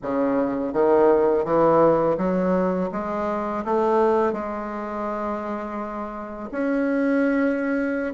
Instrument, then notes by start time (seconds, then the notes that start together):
bassoon
0.02 C#3
0.73 D#3
1.45 E3
2.17 F#3
2.91 G#3
3.64 A3
4.32 G#3
6.51 C#4